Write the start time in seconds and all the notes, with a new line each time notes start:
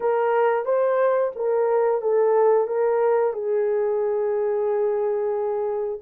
0.00 A#4
0.65 C5
1.35 A#4
2.01 A4
2.67 A#4
3.33 G#4